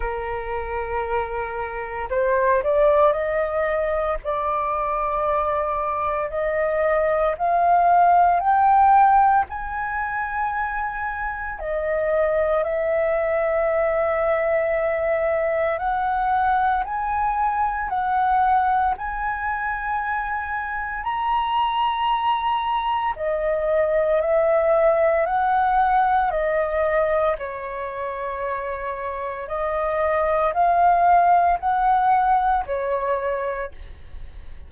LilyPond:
\new Staff \with { instrumentName = "flute" } { \time 4/4 \tempo 4 = 57 ais'2 c''8 d''8 dis''4 | d''2 dis''4 f''4 | g''4 gis''2 dis''4 | e''2. fis''4 |
gis''4 fis''4 gis''2 | ais''2 dis''4 e''4 | fis''4 dis''4 cis''2 | dis''4 f''4 fis''4 cis''4 | }